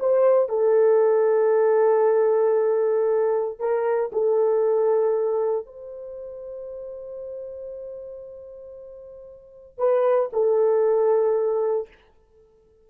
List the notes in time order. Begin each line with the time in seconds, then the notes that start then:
0.00 C5
0.49 A4
3.59 A#4
4.13 A4
5.66 C5
9.79 B4
10.33 A4